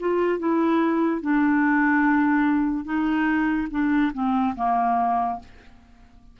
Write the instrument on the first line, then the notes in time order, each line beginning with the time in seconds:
clarinet
0.00 F4
0.39 E4
1.22 D4
2.85 D#4
3.71 D4
4.13 C4
4.56 A#3